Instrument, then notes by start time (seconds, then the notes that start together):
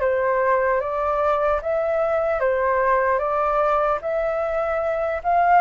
flute
0.00 C5
0.80 D5
1.62 E5
2.40 C5
3.19 D5
4.01 E5
5.23 F5